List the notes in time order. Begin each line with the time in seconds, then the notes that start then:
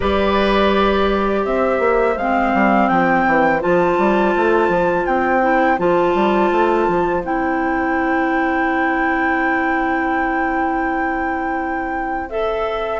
0.00 G3 G4 B4 D5
1.42 C4 C5 E5
1.79 A#3
2.17 G#3 C4 F5
2.53 G3
2.88 F3 G5
3.26 E3
3.59 F3 F4 A5
3.98 G3
4.36 A3
4.69 F3
5.06 C4 G5
5.41 E4
5.77 F3 F4 A5
6.14 G3
6.51 A3
6.87 F3
7.23 C4 E4 G5
12.29 A4 E5